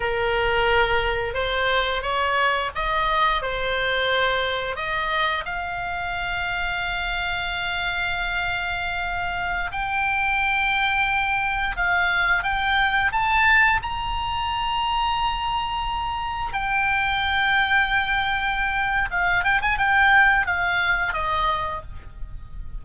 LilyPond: \new Staff \with { instrumentName = "oboe" } { \time 4/4 \tempo 4 = 88 ais'2 c''4 cis''4 | dis''4 c''2 dis''4 | f''1~ | f''2~ f''16 g''4.~ g''16~ |
g''4~ g''16 f''4 g''4 a''8.~ | a''16 ais''2.~ ais''8.~ | ais''16 g''2.~ g''8. | f''8 g''16 gis''16 g''4 f''4 dis''4 | }